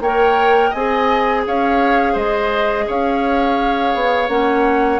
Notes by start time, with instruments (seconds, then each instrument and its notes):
0.00 bassoon A#3, clarinet A#4, oboe C#5, flute G5
0.70 bassoon C4, oboe D#5, flute G#5
0.76 clarinet G#4
1.47 bassoon C#4, oboe C#5, flute F5
2.13 bassoon G#3, oboe C5, flute D#5
2.87 bassoon C#4, oboe C#5, flute F5
3.94 bassoon B3
4.29 bassoon A#3, clarinet C#4, flute F#5